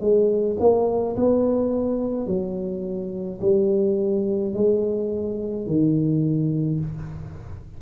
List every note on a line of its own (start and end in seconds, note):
0.00 0.57 G#3
0.59 1.16 A#3
1.16 2.26 B3
2.26 3.40 F#3
3.41 4.53 G3
4.53 5.67 G#3
5.67 6.80 D#3